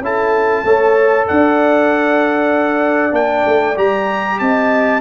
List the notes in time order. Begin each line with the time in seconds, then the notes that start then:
0.00 C#4 E4 A4 A5
0.63 A3 A4 C#5
1.27 D4 D5 F#5
3.12 A#3 D4 G5
3.46 A3
3.76 G3 G4 A#5
4.39 C4 D#5 A5